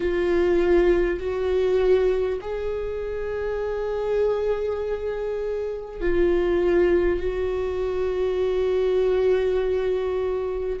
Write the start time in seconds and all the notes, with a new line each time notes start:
0.00 F4
1.19 F#4
2.41 G#4
6.00 F4
7.19 F#4